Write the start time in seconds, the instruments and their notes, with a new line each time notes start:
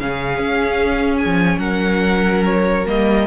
0.00 cello C#3, viola C#4, violin G#4 F5
0.39 cello C#4
1.18 violin G#5
1.25 cello F3
1.58 cello F#3, violin A#4 F#5
2.45 violin C#5
2.86 cello G3, viola A#3, violin D#5